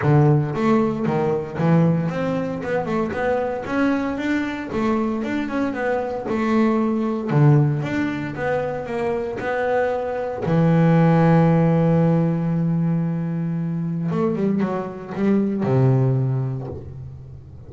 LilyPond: \new Staff \with { instrumentName = "double bass" } { \time 4/4 \tempo 4 = 115 d4 a4 dis4 e4 | c'4 b8 a8 b4 cis'4 | d'4 a4 d'8 cis'8 b4 | a2 d4 d'4 |
b4 ais4 b2 | e1~ | e2. a8 g8 | fis4 g4 c2 | }